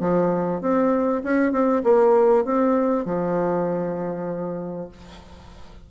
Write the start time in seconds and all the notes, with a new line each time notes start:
0.00 F3
0.61 C4
1.24 C#4
1.52 C4
1.83 A#3
2.45 C4
3.05 F3